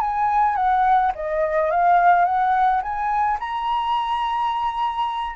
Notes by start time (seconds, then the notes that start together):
0.00 G#5
0.56 F#5
1.15 D#5
1.71 F5
2.25 F#5
2.82 G#5
3.40 A#5